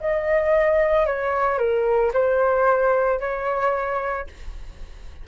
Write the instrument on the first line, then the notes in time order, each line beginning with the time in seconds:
flute
0.00 D#5
1.06 C#5
1.58 A#4
2.13 C5
3.19 C#5